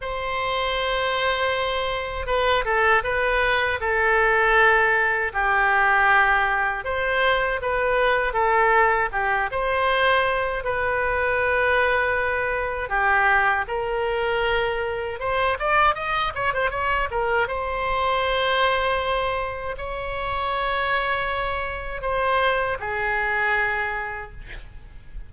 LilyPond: \new Staff \with { instrumentName = "oboe" } { \time 4/4 \tempo 4 = 79 c''2. b'8 a'8 | b'4 a'2 g'4~ | g'4 c''4 b'4 a'4 | g'8 c''4. b'2~ |
b'4 g'4 ais'2 | c''8 d''8 dis''8 cis''16 c''16 cis''8 ais'8 c''4~ | c''2 cis''2~ | cis''4 c''4 gis'2 | }